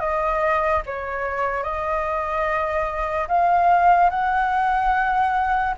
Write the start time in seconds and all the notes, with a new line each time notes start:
0.00 D#5
0.86 C#5
1.63 D#5
3.28 F5
4.10 F#5